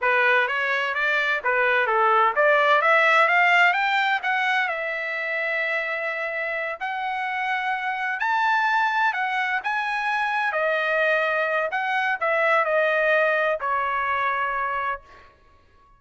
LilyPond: \new Staff \with { instrumentName = "trumpet" } { \time 4/4 \tempo 4 = 128 b'4 cis''4 d''4 b'4 | a'4 d''4 e''4 f''4 | g''4 fis''4 e''2~ | e''2~ e''8 fis''4.~ |
fis''4. a''2 fis''8~ | fis''8 gis''2 dis''4.~ | dis''4 fis''4 e''4 dis''4~ | dis''4 cis''2. | }